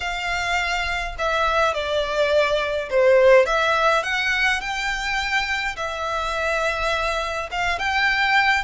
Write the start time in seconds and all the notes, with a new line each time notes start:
0.00 F5
1.18 E5
1.74 D5
2.90 C5
3.46 E5
4.03 F#5
4.60 G5
5.76 E5
7.51 F5
7.78 G5